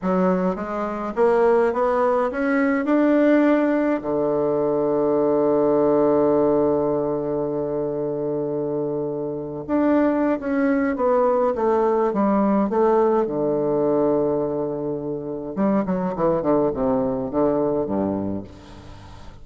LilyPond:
\new Staff \with { instrumentName = "bassoon" } { \time 4/4 \tempo 4 = 104 fis4 gis4 ais4 b4 | cis'4 d'2 d4~ | d1~ | d1~ |
d8. d'4~ d'16 cis'4 b4 | a4 g4 a4 d4~ | d2. g8 fis8 | e8 d8 c4 d4 g,4 | }